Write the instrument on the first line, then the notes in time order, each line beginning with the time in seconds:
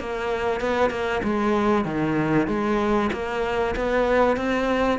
cello
0.00 A#3
0.61 B3
0.90 A#3
1.23 G#3
1.85 D#3
2.48 G#3
3.12 A#3
3.76 B3
4.37 C4